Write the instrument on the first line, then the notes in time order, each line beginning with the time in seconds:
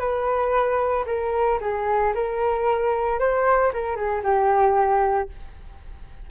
flute
0.00 B4
1.07 A#4
1.61 G#4
2.15 A#4
3.20 C5
3.74 A#4
3.96 G#4
4.24 G4